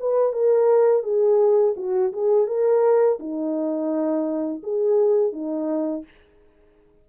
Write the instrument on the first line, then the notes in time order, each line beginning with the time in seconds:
horn
0.00 B4
0.33 A#4
1.04 G#4
1.77 F#4
2.13 G#4
2.47 A#4
3.20 D#4
4.63 G#4
5.33 D#4